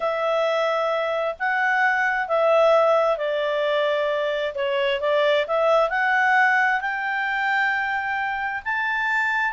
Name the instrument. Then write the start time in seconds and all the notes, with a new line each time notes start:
clarinet
0.00 E5
1.39 F#5
2.27 E5
3.17 D5
4.55 C#5
5.00 D5
5.47 E5
5.89 F#5
6.80 G5
8.64 A5